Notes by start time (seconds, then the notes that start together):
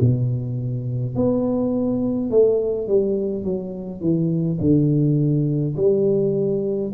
0.00 B2
1.15 B3
2.30 A3
2.87 G3
3.44 F#3
4.00 E3
4.60 D3
5.76 G3